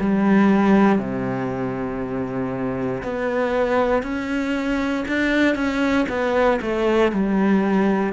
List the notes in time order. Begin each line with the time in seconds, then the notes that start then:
0.00 G3
0.98 C3
3.03 B3
4.03 C#4
5.08 D4
5.55 C#4
6.08 B3
6.61 A3
7.12 G3